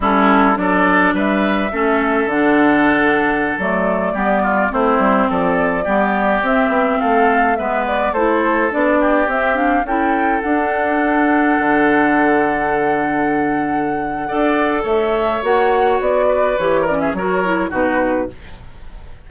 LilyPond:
<<
  \new Staff \with { instrumentName = "flute" } { \time 4/4 \tempo 4 = 105 a'4 d''4 e''2 | fis''2~ fis''16 d''4.~ d''16~ | d''16 c''4 d''2 e''8.~ | e''16 f''4 e''8 d''8 c''4 d''8.~ |
d''16 e''8 f''8 g''4 fis''4.~ fis''16~ | fis''1~ | fis''2 e''4 fis''4 | d''4 cis''8 d''16 e''16 cis''4 b'4 | }
  \new Staff \with { instrumentName = "oboe" } { \time 4/4 e'4 a'4 b'4 a'4~ | a'2.~ a'16 g'8 f'16~ | f'16 e'4 a'4 g'4.~ g'16~ | g'16 a'4 b'4 a'4. g'16~ |
g'4~ g'16 a'2~ a'8.~ | a'1~ | a'4 d''4 cis''2~ | cis''8 b'4 ais'16 gis'16 ais'4 fis'4 | }
  \new Staff \with { instrumentName = "clarinet" } { \time 4/4 cis'4 d'2 cis'4 | d'2~ d'16 a4 b8.~ | b16 c'2 b4 c'8.~ | c'4~ c'16 b4 e'4 d'8.~ |
d'16 c'8 d'8 e'4 d'4.~ d'16~ | d'1~ | d'4 a'2 fis'4~ | fis'4 g'8 cis'8 fis'8 e'8 dis'4 | }
  \new Staff \with { instrumentName = "bassoon" } { \time 4/4 g4 fis4 g4 a4 | d2~ d16 fis4 g8.~ | g16 a8 g8 f4 g4 c'8 b16~ | b16 a4 gis4 a4 b8.~ |
b16 c'4 cis'4 d'4.~ d'16~ | d'16 d2.~ d8.~ | d4 d'4 a4 ais4 | b4 e4 fis4 b,4 | }
>>